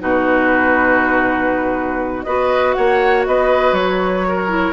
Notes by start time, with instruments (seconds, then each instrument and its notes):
0.00 bassoon B2, clarinet D#4, oboe F#4, flute B4
2.24 bassoon B3, clarinet F#4, oboe B4, flute D#5
2.74 bassoon A#3, oboe C#5, flute F#5
3.27 bassoon B3, oboe B4, flute D#5
3.72 bassoon F#3, flute C#5
4.29 oboe A#4
4.49 clarinet E4